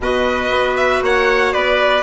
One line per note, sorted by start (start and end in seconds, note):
0.00 0.50 B2
0.00 2.02 F#4
0.00 1.03 B4
0.00 0.76 D#5
0.50 1.01 B3
0.76 1.01 E5
1.02 1.53 A#3
1.02 1.53 C#5
1.02 1.53 F#5
1.53 2.02 B3
1.53 2.02 B4
1.53 2.02 D5